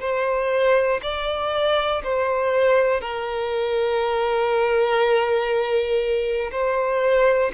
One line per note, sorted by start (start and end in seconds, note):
0.00 1.00 C5
1.02 2.02 D5
2.03 3.00 C5
3.00 6.50 A#4
6.52 7.52 C5